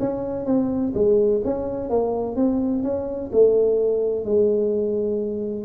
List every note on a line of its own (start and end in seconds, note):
0.00 0.46 C#4
0.46 0.93 C4
0.95 1.42 G#3
1.45 1.90 C#4
1.90 2.36 A#3
2.36 2.83 C4
2.83 3.31 C#4
3.33 4.25 A3
4.25 5.65 G#3